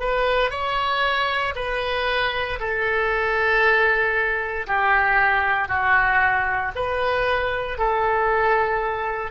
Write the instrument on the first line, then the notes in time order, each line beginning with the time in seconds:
oboe
0.00 B4
0.51 C#5
1.56 B4
2.60 A4
4.67 G4
5.68 F#4
6.76 B4
7.79 A4